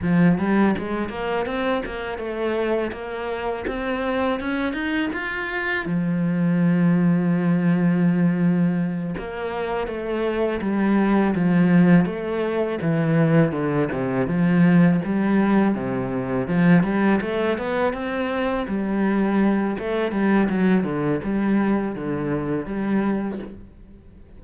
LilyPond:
\new Staff \with { instrumentName = "cello" } { \time 4/4 \tempo 4 = 82 f8 g8 gis8 ais8 c'8 ais8 a4 | ais4 c'4 cis'8 dis'8 f'4 | f1~ | f8 ais4 a4 g4 f8~ |
f8 a4 e4 d8 c8 f8~ | f8 g4 c4 f8 g8 a8 | b8 c'4 g4. a8 g8 | fis8 d8 g4 d4 g4 | }